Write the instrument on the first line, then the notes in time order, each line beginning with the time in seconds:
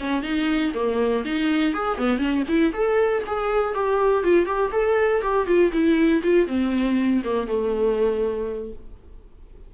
viola
0.00 C#4
0.23 D#4
0.75 A#3
1.25 D#4
1.74 G#4
1.98 B3
2.19 C#4
2.48 E4
2.73 A4
3.27 G#4
3.74 G4
4.24 F4
4.46 G4
4.72 A4
5.22 G4
5.47 F4
5.72 E4
6.23 F4
6.48 C4
7.24 A#3
7.48 A3